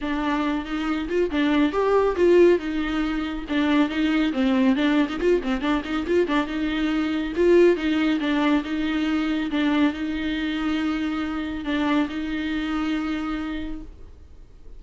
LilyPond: \new Staff \with { instrumentName = "viola" } { \time 4/4 \tempo 4 = 139 d'4. dis'4 f'8 d'4 | g'4 f'4 dis'2 | d'4 dis'4 c'4 d'8. dis'16 | f'8 c'8 d'8 dis'8 f'8 d'8 dis'4~ |
dis'4 f'4 dis'4 d'4 | dis'2 d'4 dis'4~ | dis'2. d'4 | dis'1 | }